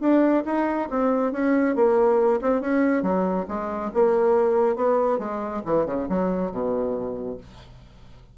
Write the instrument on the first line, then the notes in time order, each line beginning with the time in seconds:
bassoon
0.00 D4
0.45 D#4
0.90 C4
1.32 C#4
1.75 A#3
2.41 C4
2.61 C#4
3.02 F#3
3.48 G#3
3.93 A#3
4.75 B3
5.18 G#3
5.65 E3
5.85 C#3
6.09 F#3
6.51 B2